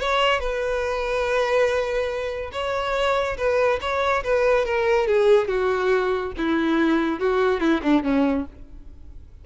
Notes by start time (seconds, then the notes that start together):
0.00 C#5
0.39 B4
2.52 C#5
3.37 B4
3.81 C#5
4.24 B4
4.65 A#4
5.07 G#4
5.48 F#4
6.37 E4
7.19 F#4
7.60 E4
7.82 D4
8.03 C#4